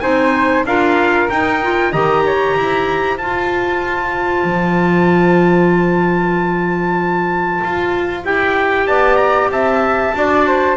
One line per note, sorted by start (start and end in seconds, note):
0.00 0.65 C4
0.00 0.65 D#4
0.00 0.65 C5
0.00 0.63 G#5
0.65 1.28 D4
0.65 1.30 F4
0.65 1.91 A#4
0.65 1.29 F5
1.29 1.62 D#4
1.29 1.93 D#4
1.29 1.92 G5
1.62 1.93 F4
1.91 2.56 D#3
1.91 3.19 G4
1.91 2.23 D#5
1.91 3.17 A#5
2.26 2.56 C#5
2.56 3.17 E4
2.56 8.87 C5
3.17 4.44 F4
3.17 8.24 F4
3.17 8.23 A5
4.44 7.60 F3
7.63 8.24 F4
8.24 8.87 E4
8.24 10.14 G4
8.24 8.87 G5
8.87 9.49 B3
8.87 9.51 D5
8.87 9.16 A5
9.16 9.48 A#5
9.49 10.12 C4
9.49 10.15 E5
9.49 10.76 A5
10.14 10.76 D4
10.14 10.76 F#4
10.14 10.47 D5
10.47 10.76 C5